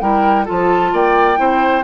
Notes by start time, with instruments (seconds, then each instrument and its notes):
0.00 bassoon G3, clarinet E4, oboe A#4, flute G5
0.45 bassoon F3, clarinet F4, oboe A4, flute A5
0.93 bassoon A#3, oboe D5, flute G5
1.36 bassoon C4, clarinet E4, oboe C5